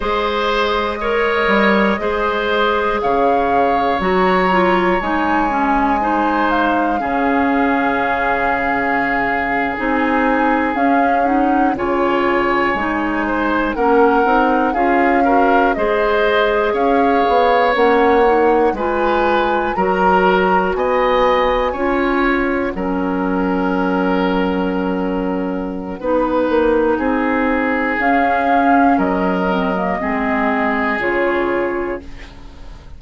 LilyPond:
<<
  \new Staff \with { instrumentName = "flute" } { \time 4/4 \tempo 4 = 60 dis''2. f''4 | ais''4 gis''4. f''4.~ | f''4.~ f''16 gis''4 f''8 fis''8 gis''16~ | gis''4.~ gis''16 fis''4 f''4 dis''16~ |
dis''8. f''4 fis''4 gis''4 ais''16~ | ais''8. gis''4. fis''4.~ fis''16~ | fis''1 | f''4 dis''2 cis''4 | }
  \new Staff \with { instrumentName = "oboe" } { \time 4/4 c''4 cis''4 c''4 cis''4~ | cis''2 c''4 gis'4~ | gis'2.~ gis'8. cis''16~ | cis''4~ cis''16 c''8 ais'4 gis'8 ais'8 c''16~ |
c''8. cis''2 b'4 ais'16~ | ais'8. dis''4 cis''4 ais'4~ ais'16~ | ais'2 b'4 gis'4~ | gis'4 ais'4 gis'2 | }
  \new Staff \with { instrumentName = "clarinet" } { \time 4/4 gis'4 ais'4 gis'2 | fis'8 f'8 dis'8 cis'8 dis'4 cis'4~ | cis'4.~ cis'16 dis'4 cis'8 dis'8 f'16~ | f'8. dis'4 cis'8 dis'8 f'8 fis'8 gis'16~ |
gis'4.~ gis'16 cis'8 dis'8 f'4 fis'16~ | fis'4.~ fis'16 f'4 cis'4~ cis'16~ | cis'2 dis'2 | cis'4. c'16 ais16 c'4 f'4 | }
  \new Staff \with { instrumentName = "bassoon" } { \time 4/4 gis4. g8 gis4 cis4 | fis4 gis2 cis4~ | cis4.~ cis16 c'4 cis'4 cis16~ | cis8. gis4 ais8 c'8 cis'4 gis16~ |
gis8. cis'8 b8 ais4 gis4 fis16~ | fis8. b4 cis'4 fis4~ fis16~ | fis2 b8 ais8 c'4 | cis'4 fis4 gis4 cis4 | }
>>